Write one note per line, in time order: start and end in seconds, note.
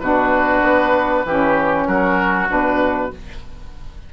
0.00 0.62 B2
0.00 1.25 D4
0.00 1.26 F#4
0.00 1.86 B4
0.62 1.24 B3
1.25 1.87 E3
1.25 2.48 C#4
1.25 1.88 G4
1.87 2.49 F#3
1.87 3.12 F#4
1.87 2.49 A#4
2.48 3.12 B2
2.48 3.10 D4
2.48 3.13 B4